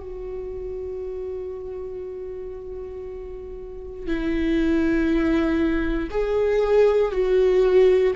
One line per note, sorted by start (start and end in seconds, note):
0.00 4.06 F#4
4.06 6.10 E4
6.10 7.12 G#4
7.12 8.14 F#4